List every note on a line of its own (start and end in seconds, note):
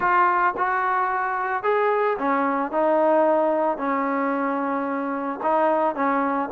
0.00 0.54 F4
0.57 1.63 F#4
1.63 2.17 G#4
2.18 2.71 C#4
2.71 3.77 D#4
3.77 5.40 C#4
5.42 5.95 D#4
5.95 6.49 C#4